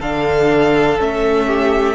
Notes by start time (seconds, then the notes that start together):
0.00 D3 D4 A4 F5
0.99 A3 C#4 E5
1.47 G4